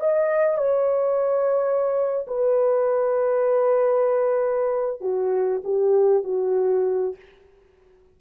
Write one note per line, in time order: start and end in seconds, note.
0.00 0.58 D#5
0.58 2.26 C#5
2.27 5.01 B4
5.01 5.62 F#4
5.64 6.23 G4
6.23 7.15 F#4